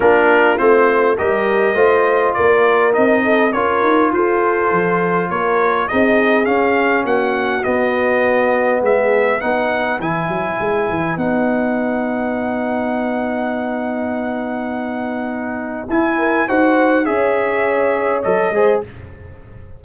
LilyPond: <<
  \new Staff \with { instrumentName = "trumpet" } { \time 4/4 \tempo 4 = 102 ais'4 c''4 dis''2 | d''4 dis''4 cis''4 c''4~ | c''4 cis''4 dis''4 f''4 | fis''4 dis''2 e''4 |
fis''4 gis''2 fis''4~ | fis''1~ | fis''2. gis''4 | fis''4 e''2 dis''4 | }
  \new Staff \with { instrumentName = "horn" } { \time 4/4 f'2 ais'4 c''4 | ais'4. a'8 ais'4 a'4~ | a'4 ais'4 gis'2 | fis'2. gis'4 |
b'1~ | b'1~ | b'2.~ b'8 ais'8 | c''4 cis''2~ cis''8 c''8 | }
  \new Staff \with { instrumentName = "trombone" } { \time 4/4 d'4 c'4 g'4 f'4~ | f'4 dis'4 f'2~ | f'2 dis'4 cis'4~ | cis'4 b2. |
dis'4 e'2 dis'4~ | dis'1~ | dis'2. e'4 | fis'4 gis'2 a'8 gis'8 | }
  \new Staff \with { instrumentName = "tuba" } { \time 4/4 ais4 a4 g4 a4 | ais4 c'4 cis'8 dis'8 f'4 | f4 ais4 c'4 cis'4 | ais4 b2 gis4 |
b4 e8 fis8 gis8 e8 b4~ | b1~ | b2. e'4 | dis'4 cis'2 fis8 gis8 | }
>>